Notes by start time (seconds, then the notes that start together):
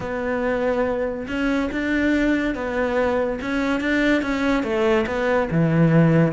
0.00 B3
1.27 C#4
1.72 D4
2.54 B3
3.41 C#4
3.80 D4
4.22 C#4
4.63 A3
5.06 B3
5.50 E3